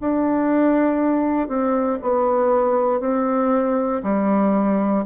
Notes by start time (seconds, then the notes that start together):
0.00 D4
1.48 C4
2.02 B3
3.00 C4
4.03 G3